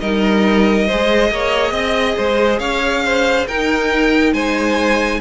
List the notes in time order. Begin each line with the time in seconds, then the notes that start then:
0.00 G3 D#4 A#4 D#5
0.87 G#3 G#4 C5
1.31 A#3 C#5
1.72 C4 D#5
2.17 G#3 C5
2.59 C#4 C#5 F5
3.05 C5
3.48 D#4 A#4 G5
4.33 G#3 C5 G#5